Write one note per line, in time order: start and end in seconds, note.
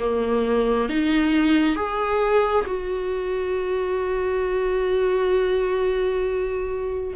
0.00 0.90 A#3
0.90 1.76 D#4
1.76 2.65 G#4
2.67 7.14 F#4